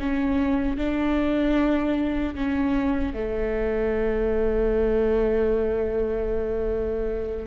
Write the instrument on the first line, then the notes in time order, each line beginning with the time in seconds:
viola
0.00 C#4
0.77 D4
2.35 C#4
3.14 A3